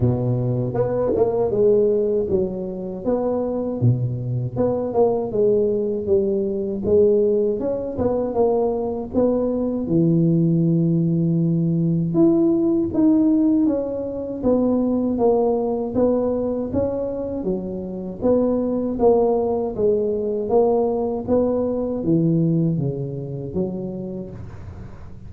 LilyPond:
\new Staff \with { instrumentName = "tuba" } { \time 4/4 \tempo 4 = 79 b,4 b8 ais8 gis4 fis4 | b4 b,4 b8 ais8 gis4 | g4 gis4 cis'8 b8 ais4 | b4 e2. |
e'4 dis'4 cis'4 b4 | ais4 b4 cis'4 fis4 | b4 ais4 gis4 ais4 | b4 e4 cis4 fis4 | }